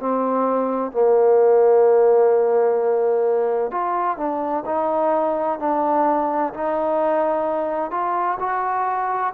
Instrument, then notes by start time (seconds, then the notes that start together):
trombone
0.00 C4
0.92 A#3
3.72 F4
4.18 D4
4.66 D#4
5.60 D4
6.54 D#4
7.91 F4
8.40 F#4